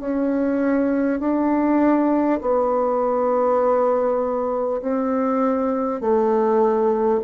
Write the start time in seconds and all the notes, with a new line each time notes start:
0.00 C#4
1.20 D4
2.42 B3
4.82 C4
6.01 A3